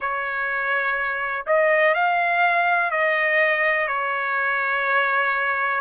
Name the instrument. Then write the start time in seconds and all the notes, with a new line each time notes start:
trumpet
0.00 C#5
1.46 D#5
1.94 F5
2.90 D#5
3.87 C#5